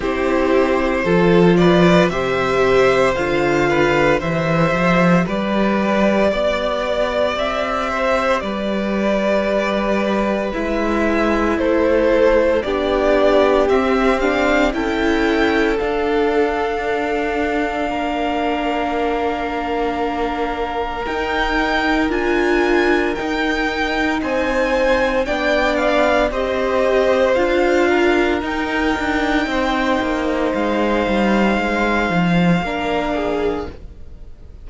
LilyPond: <<
  \new Staff \with { instrumentName = "violin" } { \time 4/4 \tempo 4 = 57 c''4. d''8 e''4 f''4 | e''4 d''2 e''4 | d''2 e''4 c''4 | d''4 e''8 f''8 g''4 f''4~ |
f''1 | g''4 gis''4 g''4 gis''4 | g''8 f''8 dis''4 f''4 g''4~ | g''4 f''2. | }
  \new Staff \with { instrumentName = "violin" } { \time 4/4 g'4 a'8 b'8 c''4. b'8 | c''4 b'4 d''4. c''8 | b'2. a'4 | g'2 a'2~ |
a'4 ais'2.~ | ais'2. c''4 | d''4 c''4. ais'4. | c''2. ais'8 gis'8 | }
  \new Staff \with { instrumentName = "viola" } { \time 4/4 e'4 f'4 g'4 f'4 | g'1~ | g'2 e'2 | d'4 c'8 d'8 e'4 d'4~ |
d'1 | dis'4 f'4 dis'2 | d'4 g'4 f'4 dis'4~ | dis'2. d'4 | }
  \new Staff \with { instrumentName = "cello" } { \time 4/4 c'4 f4 c4 d4 | e8 f8 g4 b4 c'4 | g2 gis4 a4 | b4 c'4 cis'4 d'4~ |
d'4 ais2. | dis'4 d'4 dis'4 c'4 | b4 c'4 d'4 dis'8 d'8 | c'8 ais8 gis8 g8 gis8 f8 ais4 | }
>>